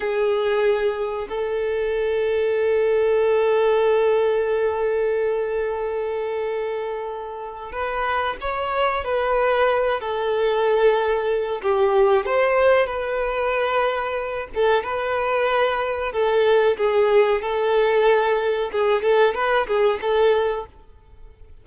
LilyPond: \new Staff \with { instrumentName = "violin" } { \time 4/4 \tempo 4 = 93 gis'2 a'2~ | a'1~ | a'1 | b'4 cis''4 b'4. a'8~ |
a'2 g'4 c''4 | b'2~ b'8 a'8 b'4~ | b'4 a'4 gis'4 a'4~ | a'4 gis'8 a'8 b'8 gis'8 a'4 | }